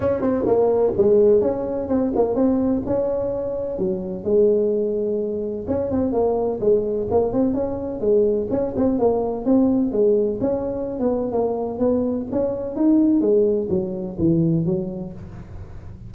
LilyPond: \new Staff \with { instrumentName = "tuba" } { \time 4/4 \tempo 4 = 127 cis'8 c'8 ais4 gis4 cis'4 | c'8 ais8 c'4 cis'2 | fis4 gis2. | cis'8 c'8 ais4 gis4 ais8 c'8 |
cis'4 gis4 cis'8 c'8 ais4 | c'4 gis4 cis'4~ cis'16 b8. | ais4 b4 cis'4 dis'4 | gis4 fis4 e4 fis4 | }